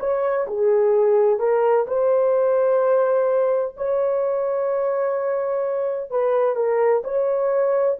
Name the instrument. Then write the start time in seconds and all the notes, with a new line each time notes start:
horn
0.00 C#5
0.48 G#4
1.39 A#4
1.88 C5
3.77 C#5
6.11 B4
6.56 A#4
7.04 C#5